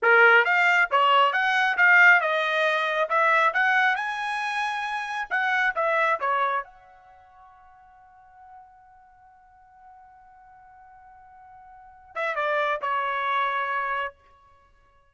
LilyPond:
\new Staff \with { instrumentName = "trumpet" } { \time 4/4 \tempo 4 = 136 ais'4 f''4 cis''4 fis''4 | f''4 dis''2 e''4 | fis''4 gis''2. | fis''4 e''4 cis''4 fis''4~ |
fis''1~ | fis''1~ | fis''2.~ fis''8 e''8 | d''4 cis''2. | }